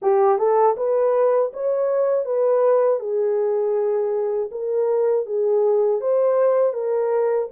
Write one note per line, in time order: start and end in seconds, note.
0.01 0.38 G4
0.38 0.75 A4
0.76 1.51 B4
1.53 2.25 C#5
2.25 2.99 B4
2.99 4.49 G#4
4.51 5.25 A#4
5.25 6.00 G#4
6.00 6.73 C5
6.73 7.48 A#4